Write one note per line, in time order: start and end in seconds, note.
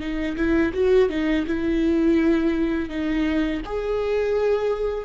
0.00 0.36 D#4
0.36 0.73 E4
0.74 1.09 F#4
1.09 1.46 D#4
1.47 2.89 E4
2.89 3.61 D#4
3.65 5.05 G#4